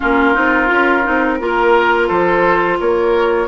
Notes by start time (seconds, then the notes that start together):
0.00 A#3 C#4 F4 A#4
0.34 C4 D#4
0.67 C#4 F4
1.03 C4 D#4
1.39 A#3 F4 A#4
2.07 F3 A4 C5
2.80 A#3 A#4 C#5